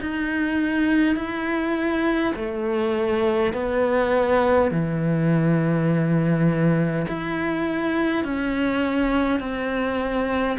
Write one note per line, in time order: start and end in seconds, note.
0.00 1.16 D#4
1.16 2.33 E4
2.35 3.53 A3
3.53 4.71 B3
4.71 7.06 E3
7.07 8.24 E4
8.24 9.40 C#4
9.40 10.57 C4